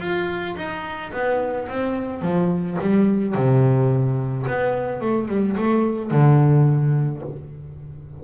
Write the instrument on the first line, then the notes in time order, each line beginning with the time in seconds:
double bass
0.00 F4
0.56 D#4
1.12 B3
1.69 C4
2.22 F3
2.81 G3
3.35 C3
4.47 B3
5.01 A3
5.29 G3
5.57 A3
6.11 D3